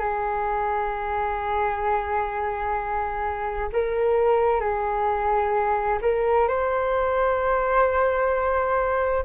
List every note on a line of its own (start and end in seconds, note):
0.00 3.69 G#4
3.73 4.61 A#4
4.61 5.99 G#4
6.02 6.48 A#4
6.48 9.25 C5